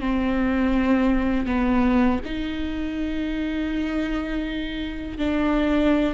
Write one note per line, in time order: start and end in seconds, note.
0.00 1.46 C4
1.46 2.20 B3
2.25 5.18 D#4
5.18 6.14 D4